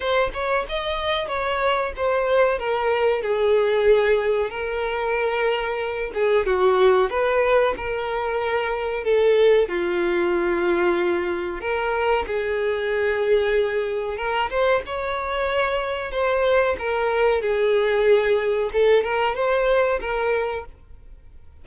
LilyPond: \new Staff \with { instrumentName = "violin" } { \time 4/4 \tempo 4 = 93 c''8 cis''8 dis''4 cis''4 c''4 | ais'4 gis'2 ais'4~ | ais'4. gis'8 fis'4 b'4 | ais'2 a'4 f'4~ |
f'2 ais'4 gis'4~ | gis'2 ais'8 c''8 cis''4~ | cis''4 c''4 ais'4 gis'4~ | gis'4 a'8 ais'8 c''4 ais'4 | }